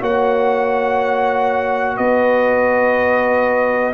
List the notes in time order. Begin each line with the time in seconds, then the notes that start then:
0.00 A#3 F#4 C#5 F#5
1.97 B3 B4 D#5